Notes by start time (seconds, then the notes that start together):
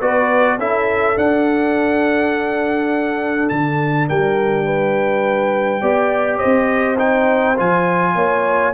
0.00 B3 F#4 B4 D5
0.58 C#4 E4 A4 E5
1.16 D4 F#5
3.49 D3 A5
4.08 G3 A#4 G5
4.65 B4
5.81 B3 G4 D5
6.37 C5 D#5
6.45 C4
6.97 D#4 G5
7.57 F3 F4 G#5
8.15 A#3 C#5